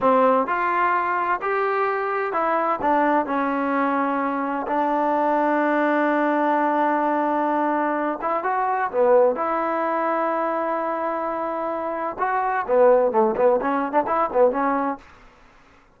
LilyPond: \new Staff \with { instrumentName = "trombone" } { \time 4/4 \tempo 4 = 128 c'4 f'2 g'4~ | g'4 e'4 d'4 cis'4~ | cis'2 d'2~ | d'1~ |
d'4. e'8 fis'4 b4 | e'1~ | e'2 fis'4 b4 | a8 b8 cis'8. d'16 e'8 b8 cis'4 | }